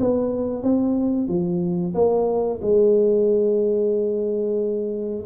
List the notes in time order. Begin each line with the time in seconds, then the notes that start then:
0.00 B3
0.63 C4
1.28 F3
1.94 A#3
2.62 G#3